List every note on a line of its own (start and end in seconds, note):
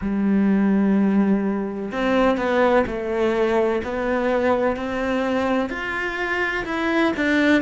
0.01 1.91 G3
1.92 2.37 C4
2.37 2.84 B3
2.87 3.82 A3
3.84 4.76 B3
4.76 5.69 C4
5.69 6.65 F4
6.65 7.13 E4
7.16 7.61 D4